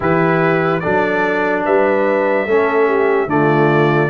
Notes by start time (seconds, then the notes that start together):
0.00 E3 E4 G4 B4
0.80 F#3 D4 A4 D5
1.64 G3 B4 E5
2.46 A3 C#4 A4
2.86 G4
3.26 D3 A3 F4 D5